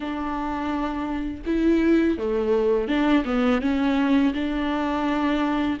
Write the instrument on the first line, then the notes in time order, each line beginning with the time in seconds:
viola
0.00 D4
1.46 E4
2.18 A3
2.88 D4
3.25 B3
3.61 C#4
4.33 D4